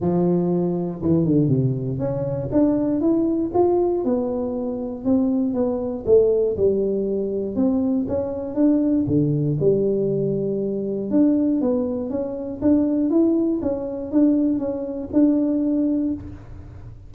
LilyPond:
\new Staff \with { instrumentName = "tuba" } { \time 4/4 \tempo 4 = 119 f2 e8 d8 c4 | cis'4 d'4 e'4 f'4 | b2 c'4 b4 | a4 g2 c'4 |
cis'4 d'4 d4 g4~ | g2 d'4 b4 | cis'4 d'4 e'4 cis'4 | d'4 cis'4 d'2 | }